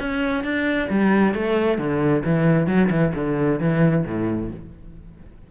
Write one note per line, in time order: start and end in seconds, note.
0.00 0.44 C#4
0.44 0.89 D4
0.90 1.35 G3
1.35 1.78 A3
1.78 2.24 D3
2.25 2.67 E3
2.67 2.90 F#3
2.91 3.13 E3
3.15 3.60 D3
3.60 4.05 E3
4.06 4.51 A2